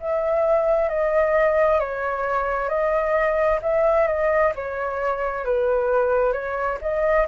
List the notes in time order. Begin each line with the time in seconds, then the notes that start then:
0.00 E5
0.89 D#5
1.79 C#5
2.69 D#5
3.62 E5
4.07 D#5
4.55 C#5
5.45 B4
6.33 C#5
6.81 D#5